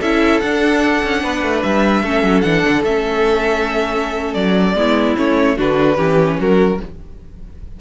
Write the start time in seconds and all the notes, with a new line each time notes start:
0.00 C#4 E4 A4 E5
0.40 D4 F#5
1.04 C#4
1.23 B3 B4
1.43 A3
1.63 G3 E5
2.02 A3 C#4 A4
2.23 F#3
2.41 E3 D4 F#5
2.68 D3
2.83 A3 C#4 E5
4.34 F#3 D5
4.75 G#3 B3 E4
5.16 A3 C#4 C#5
5.57 D3 D4 F#4 B4
5.97 E3 C#4 G4
6.39 F#3 F#4 A#4